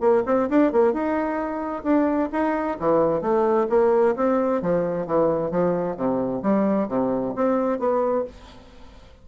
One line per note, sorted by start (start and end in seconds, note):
0.00 0.23 A#3
0.26 0.49 C4
0.49 0.72 D4
0.72 0.93 A#3
0.93 1.83 D#4
1.83 2.29 D4
2.32 2.78 D#4
2.79 3.21 E3
3.21 3.67 A3
3.69 4.15 A#3
4.16 4.62 C4
4.62 5.06 F3
5.06 5.51 E3
5.51 5.96 F3
5.96 6.42 C3
6.42 6.88 G3
6.88 7.34 C3
7.35 7.79 C4
7.79 8.25 B3